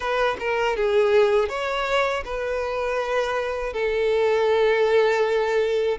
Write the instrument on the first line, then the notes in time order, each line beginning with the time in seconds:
violin
0.00 B4
0.39 A#4
0.76 G#4
1.48 C#5
2.25 B4
3.73 A4